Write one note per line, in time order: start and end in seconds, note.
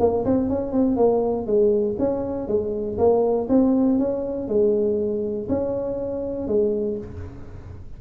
0.00 0.25 A#3
0.25 0.50 C4
0.50 0.72 C#4
0.72 0.97 C4
0.97 1.47 A#3
1.47 1.97 G#3
1.99 2.48 C#4
2.48 2.98 G#3
2.99 3.49 A#3
3.49 3.99 C4
3.99 4.49 C#4
4.49 5.49 G#3
5.49 6.48 C#4
6.48 6.98 G#3